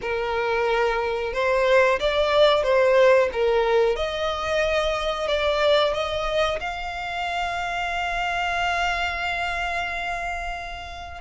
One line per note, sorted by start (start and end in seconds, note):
0.01 1.33 A#4
1.33 1.99 C5
1.99 2.63 D5
2.63 3.29 C5
3.32 3.96 A#4
3.96 5.27 D#5
5.27 5.93 D5
5.93 6.59 D#5
6.60 11.21 F5